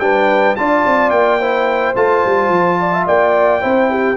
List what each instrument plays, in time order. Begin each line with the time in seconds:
0.00 tuba G3, trombone D4, horn B4, trumpet G5
0.56 tuba D4, trombone F4, horn D5, trumpet A5
0.86 tuba C4
1.11 tuba A#3, trumpet G5
1.40 trombone E4, horn C5
1.96 tuba A3, trombone F4, trumpet A5
2.25 tuba G3
2.49 tuba F3
2.81 horn D5
2.94 horn E5
3.08 tuba A#3, horn D5, trumpet G5
3.61 tuba C4, trombone E4, horn C5
3.90 horn G4